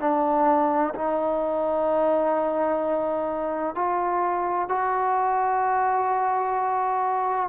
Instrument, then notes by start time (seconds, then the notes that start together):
trombone
0.00 D4
0.95 D#4
3.75 F4
4.69 F#4